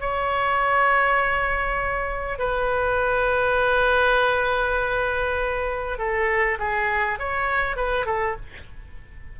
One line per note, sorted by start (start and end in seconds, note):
0.00 2.38 C#5
2.38 5.98 B4
5.98 6.58 A4
6.59 7.19 G#4
7.19 7.76 C#5
7.76 8.05 B4
8.05 8.35 A4